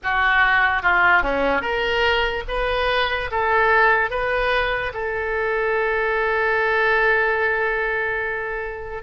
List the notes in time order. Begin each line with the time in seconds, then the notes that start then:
0.03 F#4
0.82 F4
1.22 C#4
1.61 A#4
2.48 B4
3.31 A4
4.10 B4
4.93 A4